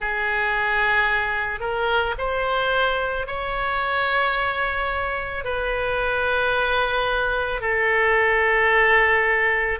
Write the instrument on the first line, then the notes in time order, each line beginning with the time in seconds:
oboe
0.00 G#4
1.60 A#4
2.18 C5
3.27 C#5
5.44 B4
7.61 A4